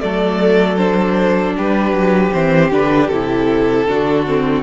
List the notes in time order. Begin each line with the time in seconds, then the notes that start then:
0.00 F#3 A3 A4 D5
0.77 D4 C5
1.57 G3 G4 B4
1.92 F#3
2.33 E3 C4 C5
2.71 D3 D4 B4
3.08 C3 E4 A4
3.87 D3 D4 F#4
4.27 C4